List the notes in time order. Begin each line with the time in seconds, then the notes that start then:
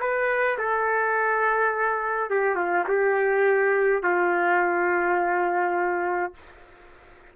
0.00 B4
0.58 A4
2.30 G4
2.55 F4
2.87 G4
4.03 F4